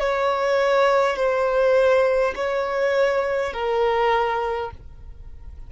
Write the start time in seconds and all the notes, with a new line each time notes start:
0.00 C#5
1.17 C5
2.36 C#5
3.53 A#4